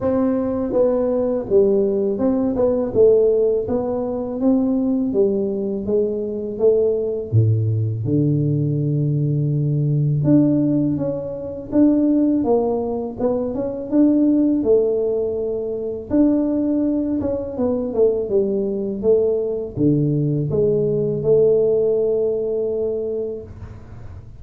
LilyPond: \new Staff \with { instrumentName = "tuba" } { \time 4/4 \tempo 4 = 82 c'4 b4 g4 c'8 b8 | a4 b4 c'4 g4 | gis4 a4 a,4 d4~ | d2 d'4 cis'4 |
d'4 ais4 b8 cis'8 d'4 | a2 d'4. cis'8 | b8 a8 g4 a4 d4 | gis4 a2. | }